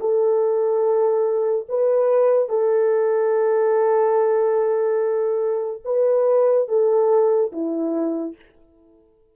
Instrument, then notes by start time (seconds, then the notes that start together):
horn
0.00 A4
1.69 B4
2.49 A4
5.85 B4
6.68 A4
7.52 E4